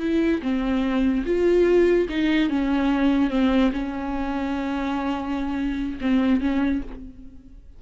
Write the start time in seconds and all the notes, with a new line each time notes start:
0.00 E4
0.42 C4
1.26 F4
2.09 D#4
2.50 C#4
3.30 C4
3.73 C#4
6.01 C4
6.41 C#4